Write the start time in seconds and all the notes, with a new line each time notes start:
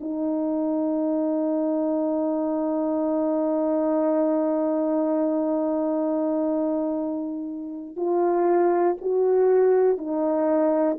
0.00 D#4
7.96 F4
9.01 F#4
9.98 D#4